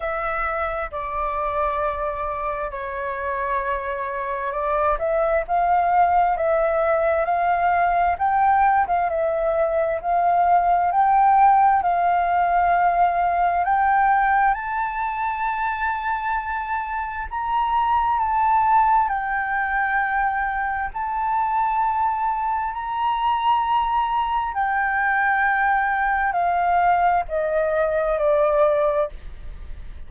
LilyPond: \new Staff \with { instrumentName = "flute" } { \time 4/4 \tempo 4 = 66 e''4 d''2 cis''4~ | cis''4 d''8 e''8 f''4 e''4 | f''4 g''8. f''16 e''4 f''4 | g''4 f''2 g''4 |
a''2. ais''4 | a''4 g''2 a''4~ | a''4 ais''2 g''4~ | g''4 f''4 dis''4 d''4 | }